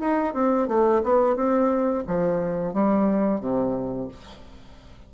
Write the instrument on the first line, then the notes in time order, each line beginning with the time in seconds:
bassoon
0.00 D#4
0.34 C4
0.68 A3
1.03 B3
1.35 C4
2.07 F3
2.73 G3
3.40 C3